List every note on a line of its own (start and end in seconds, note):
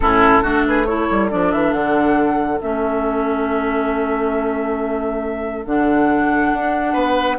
0.00 0.43 A2
0.00 0.42 C#4
0.00 0.43 E4
0.00 0.64 A4
0.42 1.08 A3
0.42 0.86 D4
0.42 0.64 F#4
0.66 0.86 G#4
0.66 0.86 B4
0.86 1.30 E4
0.86 6.92 A4
0.86 1.29 C#5
1.10 1.32 G3
1.30 1.53 F3
1.30 2.60 D4
1.30 1.51 D5
1.51 1.72 E3
1.51 1.73 E5
1.72 2.59 D3
1.72 2.60 F#5
2.61 5.66 A3
2.61 5.65 C#4
2.61 5.65 E5
5.65 6.52 D3
5.65 7.38 D4
5.65 7.38 F#5
6.52 6.94 D4
6.92 7.38 B3
6.92 7.36 B4